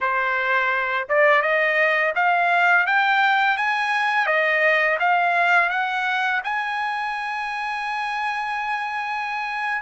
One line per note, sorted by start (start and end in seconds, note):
0.00 1.07 C5
1.08 1.42 D5
1.42 2.13 D#5
2.15 2.86 F5
2.86 3.57 G5
3.57 4.26 G#5
4.26 4.97 D#5
4.99 5.69 F5
5.69 6.41 F#5
6.44 9.81 G#5